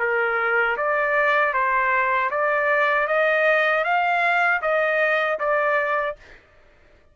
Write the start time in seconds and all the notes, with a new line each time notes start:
0.00 A#4
0.78 D5
1.54 C5
2.31 D5
3.08 D#5
3.85 F5
4.62 D#5
5.40 D5